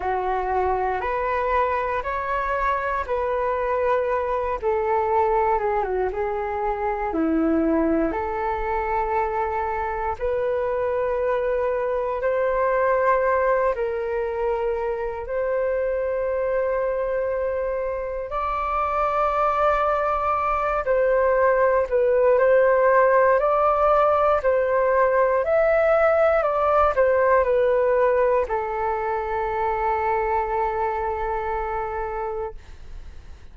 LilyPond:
\new Staff \with { instrumentName = "flute" } { \time 4/4 \tempo 4 = 59 fis'4 b'4 cis''4 b'4~ | b'8 a'4 gis'16 fis'16 gis'4 e'4 | a'2 b'2 | c''4. ais'4. c''4~ |
c''2 d''2~ | d''8 c''4 b'8 c''4 d''4 | c''4 e''4 d''8 c''8 b'4 | a'1 | }